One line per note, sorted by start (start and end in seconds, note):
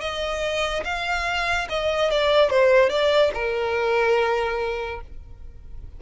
0.00 0.83 D#5
0.84 1.67 F5
1.69 2.11 D#5
2.11 2.50 D5
2.50 2.89 C5
2.89 3.31 D5
3.34 5.00 A#4